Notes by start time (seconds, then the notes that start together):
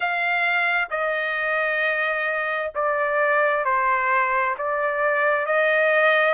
0.00 F5
0.90 D#5
2.74 D5
3.64 C5
4.58 D5
5.45 D#5